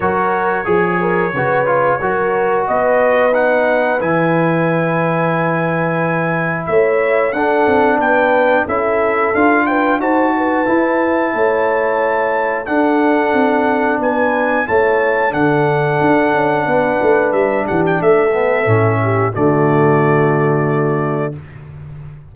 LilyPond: <<
  \new Staff \with { instrumentName = "trumpet" } { \time 4/4 \tempo 4 = 90 cis''1 | dis''4 fis''4 gis''2~ | gis''2 e''4 fis''4 | g''4 e''4 f''8 g''8 a''4~ |
a''2. fis''4~ | fis''4 gis''4 a''4 fis''4~ | fis''2 e''8 fis''16 g''16 e''4~ | e''4 d''2. | }
  \new Staff \with { instrumentName = "horn" } { \time 4/4 ais'4 gis'8 ais'8 b'4 ais'4 | b'1~ | b'2 cis''4 a'4 | b'4 a'4. b'8 c''8 b'8~ |
b'4 cis''2 a'4~ | a'4 b'4 cis''4 a'4~ | a'4 b'4. g'8 a'4~ | a'8 g'8 fis'2. | }
  \new Staff \with { instrumentName = "trombone" } { \time 4/4 fis'4 gis'4 fis'8 f'8 fis'4~ | fis'4 dis'4 e'2~ | e'2. d'4~ | d'4 e'4 f'4 fis'4 |
e'2. d'4~ | d'2 e'4 d'4~ | d'2.~ d'8 b8 | cis'4 a2. | }
  \new Staff \with { instrumentName = "tuba" } { \time 4/4 fis4 f4 cis4 fis4 | b2 e2~ | e2 a4 d'8 c'8 | b4 cis'4 d'4 dis'4 |
e'4 a2 d'4 | c'4 b4 a4 d4 | d'8 cis'8 b8 a8 g8 e8 a4 | a,4 d2. | }
>>